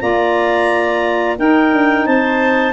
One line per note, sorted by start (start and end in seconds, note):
0.00 1.39 A#3
0.00 1.36 F4
0.00 1.38 D5
0.00 1.37 A#5
1.37 2.73 D#4
1.37 1.73 D#4
1.37 2.06 A#4
1.37 2.06 G5
1.73 2.07 D4
2.06 2.73 C4
2.06 2.73 C5
2.06 2.73 A5